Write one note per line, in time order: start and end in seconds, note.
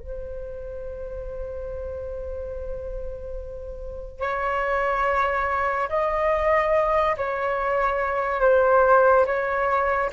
0.00 4.20 C5
4.20 5.89 C#5
5.89 7.16 D#5
7.17 8.41 C#5
8.41 9.26 C5
9.26 10.11 C#5